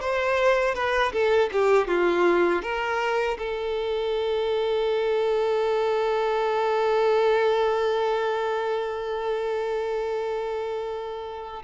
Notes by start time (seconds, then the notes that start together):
0.00 C5
0.75 B4
1.12 A4
1.52 G4
1.88 F4
2.62 A#4
3.38 A4